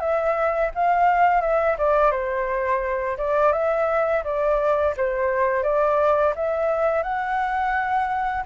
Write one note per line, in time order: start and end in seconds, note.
0.00 0.71 E5
0.74 1.41 F5
1.41 1.76 E5
1.78 2.11 D5
2.11 3.17 C5
3.18 3.52 D5
3.52 4.23 E5
4.24 4.94 D5
4.96 5.63 C5
5.63 6.33 D5
6.35 7.03 E5
7.03 8.44 F#5